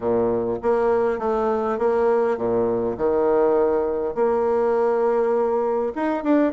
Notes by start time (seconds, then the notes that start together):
0.00 A#2
0.62 A#3
1.19 A3
1.78 A#3
2.37 A#2
2.97 D#3
4.14 A#3
5.95 D#4
6.23 D4